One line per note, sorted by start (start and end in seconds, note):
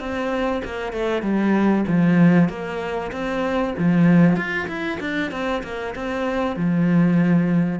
0.00 0.62 C4
0.65 0.93 A#3
0.93 1.22 A3
1.22 1.85 G3
1.88 2.49 F3
2.49 3.11 A#3
3.12 3.74 C4
3.78 4.36 F3
4.36 4.68 F4
4.68 4.99 E4
5.00 5.32 D4
5.32 5.63 C4
5.64 5.95 A#3
5.95 6.56 C4
6.56 7.80 F3